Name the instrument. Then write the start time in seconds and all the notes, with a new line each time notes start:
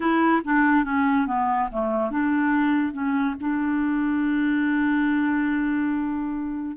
clarinet
0.00 E4
0.44 D4
0.84 C#4
1.26 B3
1.71 A3
2.10 D4
2.92 C#4
3.40 D4